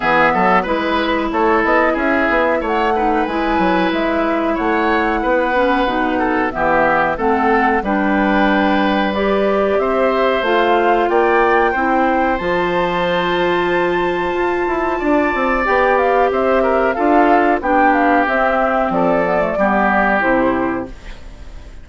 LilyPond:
<<
  \new Staff \with { instrumentName = "flute" } { \time 4/4 \tempo 4 = 92 e''4 b'4 cis''8 dis''8 e''4 | fis''4 gis''4 e''4 fis''4~ | fis''2 e''4 fis''4 | g''2 d''4 e''4 |
f''4 g''2 a''4~ | a''1 | g''8 f''8 e''4 f''4 g''8 f''8 | e''4 d''2 c''4 | }
  \new Staff \with { instrumentName = "oboe" } { \time 4/4 gis'8 a'8 b'4 a'4 gis'4 | cis''8 b'2~ b'8 cis''4 | b'4. a'8 g'4 a'4 | b'2. c''4~ |
c''4 d''4 c''2~ | c''2. d''4~ | d''4 c''8 ais'8 a'4 g'4~ | g'4 a'4 g'2 | }
  \new Staff \with { instrumentName = "clarinet" } { \time 4/4 b4 e'2.~ | e'8 dis'8 e'2.~ | e'8 cis'8 dis'4 b4 c'4 | d'2 g'2 |
f'2 e'4 f'4~ | f'1 | g'2 f'4 d'4 | c'4. b16 a16 b4 e'4 | }
  \new Staff \with { instrumentName = "bassoon" } { \time 4/4 e8 fis8 gis4 a8 b8 cis'8 b8 | a4 gis8 fis8 gis4 a4 | b4 b,4 e4 a4 | g2. c'4 |
a4 ais4 c'4 f4~ | f2 f'8 e'8 d'8 c'8 | b4 c'4 d'4 b4 | c'4 f4 g4 c4 | }
>>